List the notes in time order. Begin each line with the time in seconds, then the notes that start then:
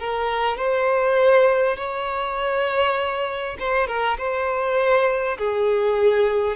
0.00 A#4
0.58 C5
1.77 C#5
3.59 C5
3.88 A#4
4.18 C5
5.38 G#4